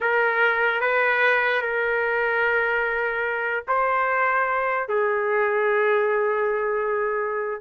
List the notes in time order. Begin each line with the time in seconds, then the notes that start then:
0.01 A#4
0.80 B4
1.61 A#4
3.68 C5
4.88 G#4